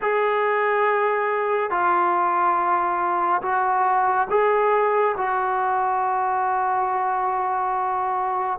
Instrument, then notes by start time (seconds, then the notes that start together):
trombone
0.01 G#4
1.70 F4
3.42 F#4
4.29 G#4
5.17 F#4